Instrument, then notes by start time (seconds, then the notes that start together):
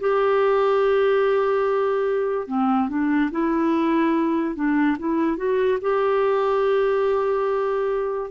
clarinet
0.00 G4
2.47 C4
2.89 D4
3.31 E4
4.56 D4
4.99 E4
5.37 F#4
5.81 G4